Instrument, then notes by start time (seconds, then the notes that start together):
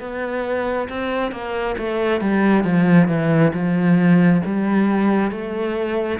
cello
0.00 B3
0.89 C4
1.32 A#3
1.78 A3
2.21 G3
2.64 F3
3.08 E3
3.54 F3
4.45 G3
5.31 A3